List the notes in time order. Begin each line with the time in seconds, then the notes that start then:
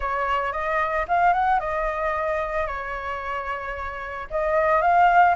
0.00 C#5
0.52 D#5
1.08 F5
1.33 F#5
1.59 D#5
2.66 C#5
4.30 D#5
4.81 F5